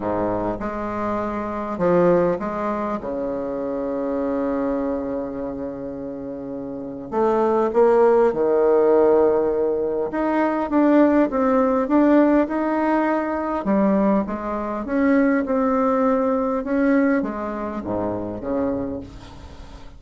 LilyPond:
\new Staff \with { instrumentName = "bassoon" } { \time 4/4 \tempo 4 = 101 gis,4 gis2 f4 | gis4 cis2.~ | cis1 | a4 ais4 dis2~ |
dis4 dis'4 d'4 c'4 | d'4 dis'2 g4 | gis4 cis'4 c'2 | cis'4 gis4 gis,4 cis4 | }